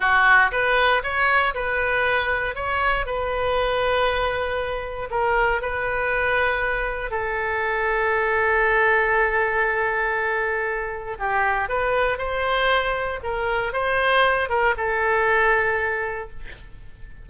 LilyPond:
\new Staff \with { instrumentName = "oboe" } { \time 4/4 \tempo 4 = 118 fis'4 b'4 cis''4 b'4~ | b'4 cis''4 b'2~ | b'2 ais'4 b'4~ | b'2 a'2~ |
a'1~ | a'2 g'4 b'4 | c''2 ais'4 c''4~ | c''8 ais'8 a'2. | }